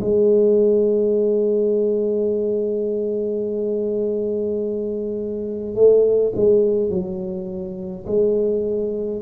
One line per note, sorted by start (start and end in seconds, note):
0.00 5.75 G#3
5.75 6.33 A3
6.35 6.90 G#3
6.90 8.05 F#3
8.06 9.21 G#3